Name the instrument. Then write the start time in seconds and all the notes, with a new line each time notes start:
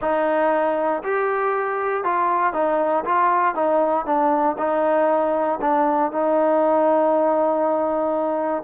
trombone
0.01 D#4
1.03 G4
2.04 F4
2.53 D#4
3.04 F4
3.55 D#4
4.05 D4
4.58 D#4
5.61 D4
6.11 D#4